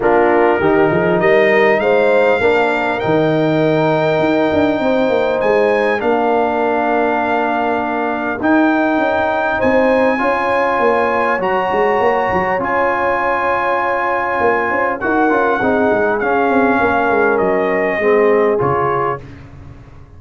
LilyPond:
<<
  \new Staff \with { instrumentName = "trumpet" } { \time 4/4 \tempo 4 = 100 ais'2 dis''4 f''4~ | f''4 g''2.~ | g''4 gis''4 f''2~ | f''2 g''2 |
gis''2. ais''4~ | ais''4 gis''2.~ | gis''4 fis''2 f''4~ | f''4 dis''2 cis''4 | }
  \new Staff \with { instrumentName = "horn" } { \time 4/4 f'4 g'8 gis'8 ais'4 c''4 | ais'1 | c''2 ais'2~ | ais'1 |
c''4 cis''2.~ | cis''1~ | cis''8 c''8 ais'4 gis'2 | ais'2 gis'2 | }
  \new Staff \with { instrumentName = "trombone" } { \time 4/4 d'4 dis'2. | d'4 dis'2.~ | dis'2 d'2~ | d'2 dis'2~ |
dis'4 f'2 fis'4~ | fis'4 f'2.~ | f'4 fis'8 f'8 dis'4 cis'4~ | cis'2 c'4 f'4 | }
  \new Staff \with { instrumentName = "tuba" } { \time 4/4 ais4 dis8 f8 g4 gis4 | ais4 dis2 dis'8 d'8 | c'8 ais8 gis4 ais2~ | ais2 dis'4 cis'4 |
c'4 cis'4 ais4 fis8 gis8 | ais8 fis8 cis'2. | ais8 cis'8 dis'8 cis'8 c'8 gis8 cis'8 c'8 | ais8 gis8 fis4 gis4 cis4 | }
>>